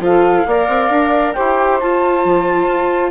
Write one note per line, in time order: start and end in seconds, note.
0.00 0.44 F3
0.00 0.46 F4
0.00 0.48 A4
0.00 1.34 F5
0.47 0.69 A#3
0.47 1.37 A#4
0.47 1.35 D5
0.69 0.90 C4
0.90 1.35 D4
1.34 1.83 E4
1.34 1.81 G4
1.34 3.11 C5
1.34 1.79 G5
1.81 3.11 F4
1.81 2.25 F4
1.81 3.11 A5
2.25 2.67 F3
2.67 3.11 F4